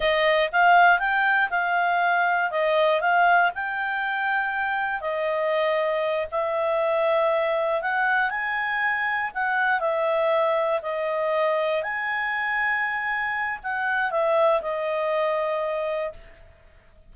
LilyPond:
\new Staff \with { instrumentName = "clarinet" } { \time 4/4 \tempo 4 = 119 dis''4 f''4 g''4 f''4~ | f''4 dis''4 f''4 g''4~ | g''2 dis''2~ | dis''8 e''2. fis''8~ |
fis''8 gis''2 fis''4 e''8~ | e''4. dis''2 gis''8~ | gis''2. fis''4 | e''4 dis''2. | }